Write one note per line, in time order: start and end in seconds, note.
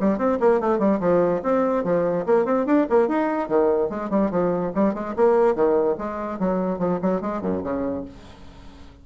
0.00 0.18 G3
0.18 0.38 C4
0.40 0.60 A#3
0.60 0.78 A3
0.78 0.99 G3
1.00 1.41 F3
1.43 1.84 C4
1.84 2.25 F3
2.26 2.45 A#3
2.45 2.66 C4
2.66 2.87 D4
2.89 3.08 A#3
3.08 3.48 D#4
3.48 3.89 D#3
3.89 4.10 G#3
4.10 4.30 G3
4.31 4.72 F3
4.75 4.94 G3
4.94 5.15 G#3
5.16 5.55 A#3
5.55 5.96 D#3
5.98 6.39 G#3
6.39 6.79 F#3
6.79 6.99 F3
7.02 7.21 F#3
7.21 7.41 G#3
7.41 7.62 F#2
7.63 8.05 C#3